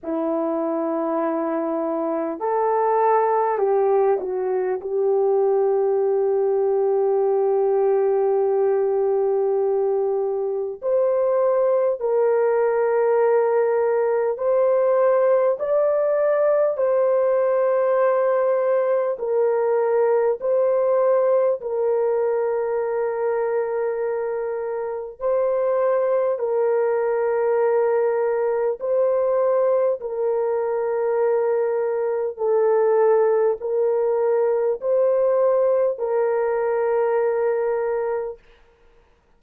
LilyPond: \new Staff \with { instrumentName = "horn" } { \time 4/4 \tempo 4 = 50 e'2 a'4 g'8 fis'8 | g'1~ | g'4 c''4 ais'2 | c''4 d''4 c''2 |
ais'4 c''4 ais'2~ | ais'4 c''4 ais'2 | c''4 ais'2 a'4 | ais'4 c''4 ais'2 | }